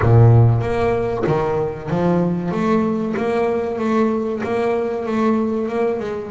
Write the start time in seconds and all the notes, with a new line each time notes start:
0.02 A#2
0.61 A#3
1.26 D#3
1.89 F3
2.51 A3
3.17 A#3
3.78 A3
4.43 A#3
5.06 A3
5.68 A#3
5.99 G#3